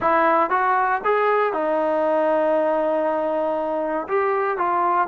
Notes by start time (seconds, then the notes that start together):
0.00 E4
0.50 F#4
1.04 G#4
1.53 D#4
4.08 G4
4.57 F4